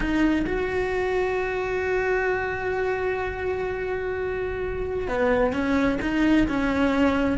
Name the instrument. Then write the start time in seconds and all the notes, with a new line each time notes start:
cello
0.00 D#4
0.46 F#4
5.08 B3
5.52 C#4
6.01 D#4
6.48 C#4